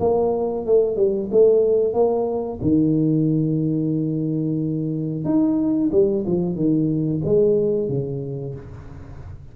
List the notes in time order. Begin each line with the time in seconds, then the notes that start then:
0.00 A#3
0.66 A3
0.97 G3
1.32 A3
1.94 A#3
2.62 D#3
5.25 D#4
5.92 G3
6.27 F3
6.56 D#3
7.25 G#3
7.89 C#3